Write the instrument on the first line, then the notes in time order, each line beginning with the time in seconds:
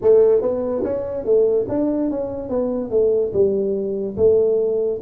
tuba
0.01 A3
0.41 B3
0.83 C#4
1.24 A3
1.69 D4
2.10 C#4
2.49 B3
2.90 A3
3.33 G3
4.17 A3